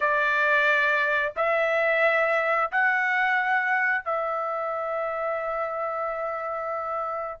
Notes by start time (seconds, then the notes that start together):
0.00 D5
1.36 E5
2.72 F#5
4.04 E5